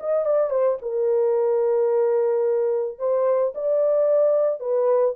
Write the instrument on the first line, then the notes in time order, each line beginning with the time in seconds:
horn
0.00 D#5
0.25 D5
0.50 C5
0.82 A#4
2.99 C5
3.55 D5
4.60 B4